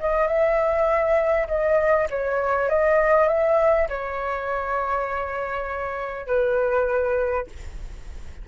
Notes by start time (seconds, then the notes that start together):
0.00 D#5
0.27 E5
1.48 D#5
2.10 C#5
2.69 D#5
3.28 E5
3.88 C#5
6.27 B4